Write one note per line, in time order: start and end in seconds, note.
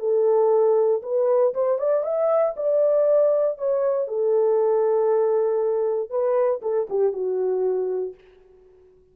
0.00 1.02 A4
1.03 1.54 B4
1.55 1.79 C5
1.79 2.04 D5
2.04 2.55 E5
2.57 3.58 D5
3.58 4.08 C#5
4.08 6.10 A4
6.10 6.61 B4
6.62 6.88 A4
6.90 7.13 G4
7.13 8.15 F#4